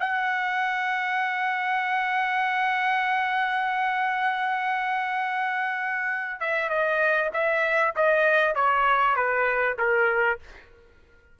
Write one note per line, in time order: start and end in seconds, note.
0.00 6.41 F#5
6.41 6.70 E5
6.70 7.31 D#5
7.34 7.95 E5
7.96 8.55 D#5
8.55 9.16 C#5
9.16 9.77 B4
9.79 10.40 A#4